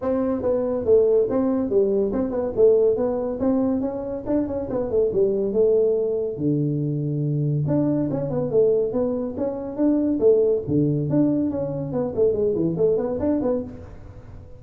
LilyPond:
\new Staff \with { instrumentName = "tuba" } { \time 4/4 \tempo 4 = 141 c'4 b4 a4 c'4 | g4 c'8 b8 a4 b4 | c'4 cis'4 d'8 cis'8 b8 a8 | g4 a2 d4~ |
d2 d'4 cis'8 b8 | a4 b4 cis'4 d'4 | a4 d4 d'4 cis'4 | b8 a8 gis8 e8 a8 b8 d'8 b8 | }